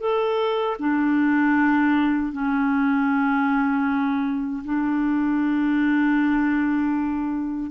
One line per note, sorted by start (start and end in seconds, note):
0.00 0.77 A4
0.79 2.32 D4
2.32 4.63 C#4
4.64 7.71 D4